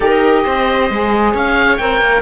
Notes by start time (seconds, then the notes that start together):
0.00 D#4 G4 A#4 D#5
0.44 C4 C5
0.89 G#3 G#4
1.32 C#4 C#5 F5
1.77 C4 A#4 G5
2.00 A#3